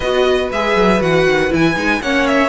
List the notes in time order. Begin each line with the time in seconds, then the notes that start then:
0.00 B3 F#4 B4 D#5
0.51 G#3 G#4 E5
0.75 F#3
1.00 E3 F#4 F#5
1.26 D#3
1.49 E3 E4 G#5
1.76 G#3 D#4
2.01 A#3 C#4 C#5 F#5
2.27 E5